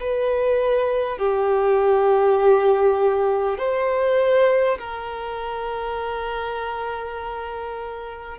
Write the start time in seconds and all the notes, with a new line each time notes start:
0.00 B4
1.18 G4
3.58 C5
4.78 A#4